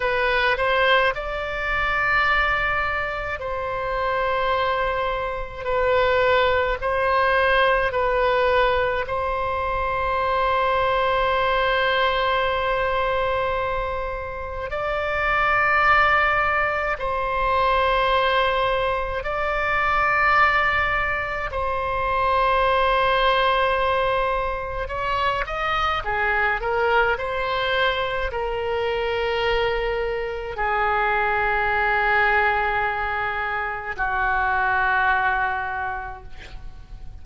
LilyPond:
\new Staff \with { instrumentName = "oboe" } { \time 4/4 \tempo 4 = 53 b'8 c''8 d''2 c''4~ | c''4 b'4 c''4 b'4 | c''1~ | c''4 d''2 c''4~ |
c''4 d''2 c''4~ | c''2 cis''8 dis''8 gis'8 ais'8 | c''4 ais'2 gis'4~ | gis'2 fis'2 | }